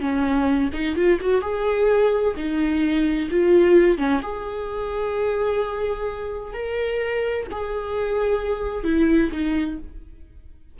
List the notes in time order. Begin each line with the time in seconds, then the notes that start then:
0.00 C#4
0.73 D#4
0.96 F4
1.21 F#4
1.41 G#4
2.37 D#4
3.30 F4
3.98 C#4
4.22 G#4
6.53 A#4
7.51 G#4
8.84 E4
9.32 D#4